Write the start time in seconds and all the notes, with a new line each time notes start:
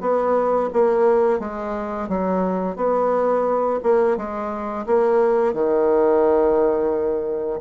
0.00 B3
0.72 A#3
1.39 G#3
2.08 F#3
2.76 B3
3.83 A#3
4.17 G#3
4.86 A#3
5.53 D#3